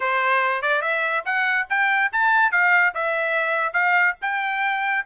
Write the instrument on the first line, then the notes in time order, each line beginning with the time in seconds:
trumpet
0.00 C5
0.61 D5
0.81 E5
1.25 F#5
1.69 G5
2.12 A5
2.51 F5
2.94 E5
3.73 F5
4.21 G5